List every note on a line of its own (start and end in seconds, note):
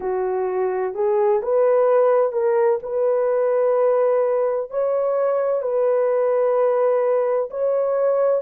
0.00 0.94 F#4
0.94 1.41 G#4
1.42 2.32 B4
2.32 2.79 A#4
2.83 4.70 B4
4.70 5.62 C#5
5.62 7.49 B4
7.50 8.41 C#5